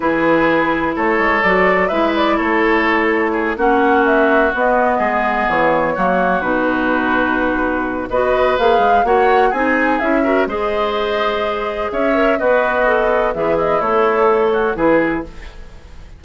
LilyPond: <<
  \new Staff \with { instrumentName = "flute" } { \time 4/4 \tempo 4 = 126 b'2 cis''4 d''4 | e''8 d''8 cis''2~ cis''8 fis''8~ | fis''8 e''4 dis''2 cis''8~ | cis''4. b'2~ b'8~ |
b'4 dis''4 f''4 fis''4 | gis''4 e''4 dis''2~ | dis''4 e''4 dis''2 | e''8 dis''8 cis''2 b'4 | }
  \new Staff \with { instrumentName = "oboe" } { \time 4/4 gis'2 a'2 | b'4 a'2 gis'8 fis'8~ | fis'2~ fis'8 gis'4.~ | gis'8 fis'2.~ fis'8~ |
fis'4 b'2 cis''4 | gis'4. ais'8 c''2~ | c''4 cis''4 fis'2 | b8 e'2 fis'8 gis'4 | }
  \new Staff \with { instrumentName = "clarinet" } { \time 4/4 e'2. fis'4 | e'2.~ e'8 cis'8~ | cis'4. b2~ b8~ | b8 ais4 dis'2~ dis'8~ |
dis'4 fis'4 gis'4 fis'4 | dis'4 e'8 fis'8 gis'2~ | gis'4. ais'8 b'4 a'4 | gis'4 a'2 e'4 | }
  \new Staff \with { instrumentName = "bassoon" } { \time 4/4 e2 a8 gis8 fis4 | gis4 a2~ a8 ais8~ | ais4. b4 gis4 e8~ | e8 fis4 b,2~ b,8~ |
b,4 b4 ais8 gis8 ais4 | c'4 cis'4 gis2~ | gis4 cis'4 b2 | e4 a2 e4 | }
>>